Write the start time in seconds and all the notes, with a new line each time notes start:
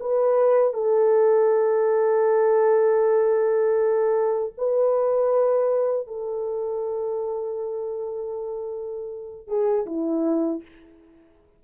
0.00 B4
0.74 A4
4.58 B4
6.07 A4
9.48 G#4
9.86 E4